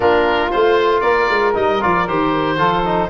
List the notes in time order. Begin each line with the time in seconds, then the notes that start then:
0.00 A#3 D4 F4 A#4
0.51 A3 F4 C5
1.00 A#3 A#4 D5
1.29 G#3
1.53 G3 D#4 D#5
1.81 F3 F4 D5
2.07 D#3 G4 C5
2.57 F3 F4 A4
2.85 D#4